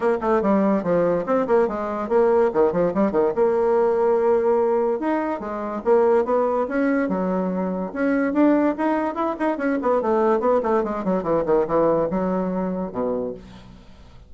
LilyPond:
\new Staff \with { instrumentName = "bassoon" } { \time 4/4 \tempo 4 = 144 ais8 a8 g4 f4 c'8 ais8 | gis4 ais4 dis8 f8 g8 dis8 | ais1 | dis'4 gis4 ais4 b4 |
cis'4 fis2 cis'4 | d'4 dis'4 e'8 dis'8 cis'8 b8 | a4 b8 a8 gis8 fis8 e8 dis8 | e4 fis2 b,4 | }